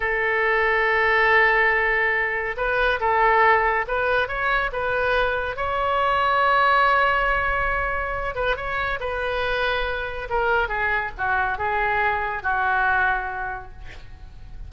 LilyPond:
\new Staff \with { instrumentName = "oboe" } { \time 4/4 \tempo 4 = 140 a'1~ | a'2 b'4 a'4~ | a'4 b'4 cis''4 b'4~ | b'4 cis''2.~ |
cis''2.~ cis''8 b'8 | cis''4 b'2. | ais'4 gis'4 fis'4 gis'4~ | gis'4 fis'2. | }